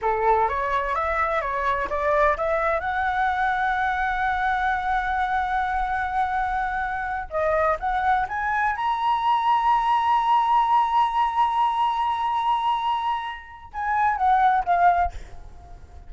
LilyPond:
\new Staff \with { instrumentName = "flute" } { \time 4/4 \tempo 4 = 127 a'4 cis''4 e''4 cis''4 | d''4 e''4 fis''2~ | fis''1~ | fis''2.~ fis''8 dis''8~ |
dis''8 fis''4 gis''4 ais''4.~ | ais''1~ | ais''1~ | ais''4 gis''4 fis''4 f''4 | }